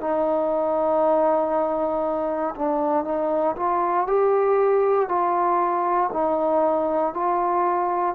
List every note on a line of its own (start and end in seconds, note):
0.00 2.54 D#4
2.55 3.04 D4
3.04 3.55 D#4
3.56 4.07 F4
4.07 5.08 G4
5.08 6.10 F4
6.12 7.14 D#4
7.14 8.15 F4